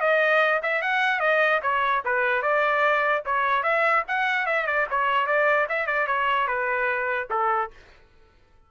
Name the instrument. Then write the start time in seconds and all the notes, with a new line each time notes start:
trumpet
0.00 D#5
0.63 E5
0.82 F#5
1.20 D#5
1.62 C#5
2.05 B4
2.42 D5
3.25 C#5
3.63 E5
4.08 F#5
4.46 E5
4.66 D5
4.90 C#5
5.26 D5
5.69 E5
5.87 D5
6.07 C#5
6.47 B4
7.30 A4